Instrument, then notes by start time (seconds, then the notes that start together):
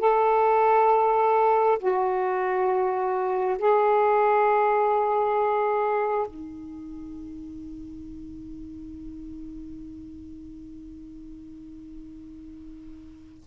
saxophone
0.00 A4
1.80 F#4
3.59 G#4
6.27 D#4